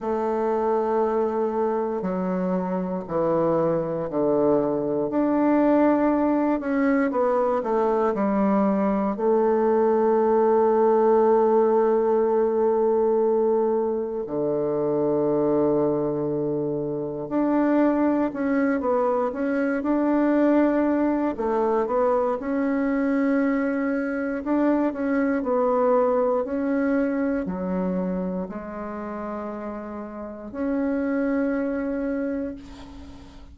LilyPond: \new Staff \with { instrumentName = "bassoon" } { \time 4/4 \tempo 4 = 59 a2 fis4 e4 | d4 d'4. cis'8 b8 a8 | g4 a2.~ | a2 d2~ |
d4 d'4 cis'8 b8 cis'8 d'8~ | d'4 a8 b8 cis'2 | d'8 cis'8 b4 cis'4 fis4 | gis2 cis'2 | }